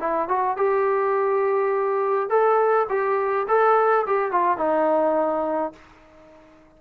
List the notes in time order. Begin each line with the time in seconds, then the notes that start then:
0.00 E4
0.29 F#4
0.57 G4
2.30 A4
2.90 G4
3.48 A4
4.07 G4
4.32 F4
4.58 D#4